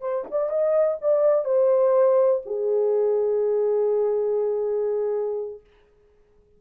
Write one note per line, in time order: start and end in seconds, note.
0.00 0.24 C5
0.30 0.49 D5
0.49 0.97 D#5
1.01 1.45 D5
1.45 2.41 C5
2.45 5.60 G#4